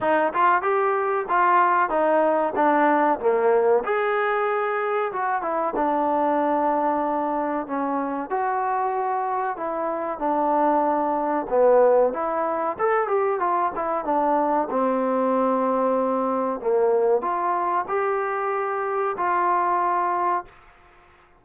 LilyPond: \new Staff \with { instrumentName = "trombone" } { \time 4/4 \tempo 4 = 94 dis'8 f'8 g'4 f'4 dis'4 | d'4 ais4 gis'2 | fis'8 e'8 d'2. | cis'4 fis'2 e'4 |
d'2 b4 e'4 | a'8 g'8 f'8 e'8 d'4 c'4~ | c'2 ais4 f'4 | g'2 f'2 | }